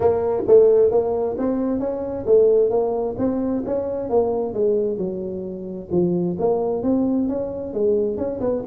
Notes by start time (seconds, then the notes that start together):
0.00 A#3
0.47 A3
0.91 A#3
1.38 C4
1.79 C#4
2.25 A3
2.70 A#3
3.18 C4
3.65 C#4
4.09 A#3
4.53 G#3
4.97 F#3
5.91 F3
6.38 A#3
6.82 C4
7.28 C#4
7.73 G#3
8.17 C#4
8.40 B3